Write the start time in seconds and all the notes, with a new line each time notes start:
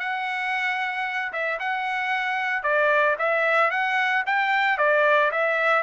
0.00 F#5
1.33 E5
1.60 F#5
2.64 D5
3.19 E5
3.71 F#5
4.26 G5
4.78 D5
5.32 E5